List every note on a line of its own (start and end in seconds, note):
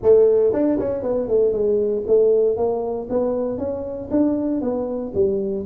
0.02 0.53 A3
0.53 0.79 D4
0.79 1.02 C#4
1.02 1.28 B3
1.28 1.52 A3
1.52 2.03 G#3
2.07 2.56 A3
2.56 3.08 A#3
3.09 3.58 B3
3.58 4.09 C#4
4.10 4.61 D4
4.61 5.12 B3
5.14 5.65 G3